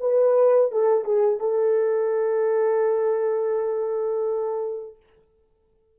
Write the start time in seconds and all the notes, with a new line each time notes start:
0.00 B4
0.71 A4
1.05 G#4
1.40 A4